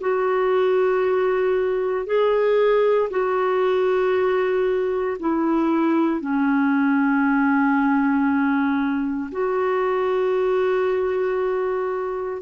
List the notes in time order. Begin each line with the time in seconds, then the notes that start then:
0.00 F#4
2.06 G#4
3.10 F#4
5.20 E4
6.20 C#4
9.32 F#4